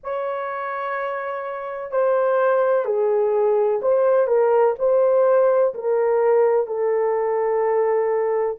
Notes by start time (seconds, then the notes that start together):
0.03 C#5
1.90 C5
2.85 G#4
3.81 C5
4.27 A#4
4.78 C5
5.74 A#4
6.66 A4